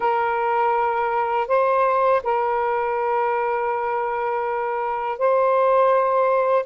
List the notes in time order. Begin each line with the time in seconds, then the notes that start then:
0.00 A#4
1.47 C5
2.23 A#4
5.18 C5